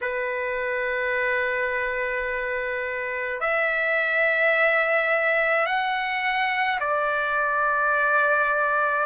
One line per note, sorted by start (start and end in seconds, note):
0.01 3.40 B4
3.40 5.66 E5
5.66 6.79 F#5
6.80 9.06 D5